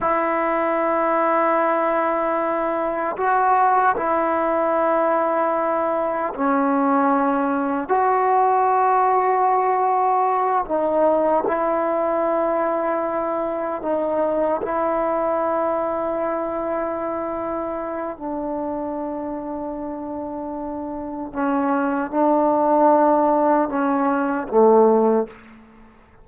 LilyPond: \new Staff \with { instrumentName = "trombone" } { \time 4/4 \tempo 4 = 76 e'1 | fis'4 e'2. | cis'2 fis'2~ | fis'4. dis'4 e'4.~ |
e'4. dis'4 e'4.~ | e'2. d'4~ | d'2. cis'4 | d'2 cis'4 a4 | }